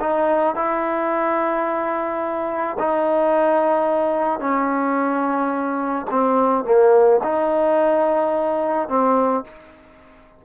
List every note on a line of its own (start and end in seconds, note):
0.00 0.55 D#4
0.55 2.78 E4
2.79 4.40 D#4
4.40 6.06 C#4
6.11 6.65 C4
6.65 7.20 A#3
7.23 8.89 D#4
8.89 9.44 C4